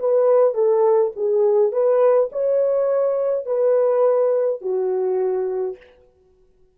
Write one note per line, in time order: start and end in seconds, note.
0.00 0.54 B4
0.54 1.12 A4
1.16 1.73 G#4
1.73 2.30 B4
2.32 3.46 C#5
3.46 4.62 B4
4.62 5.77 F#4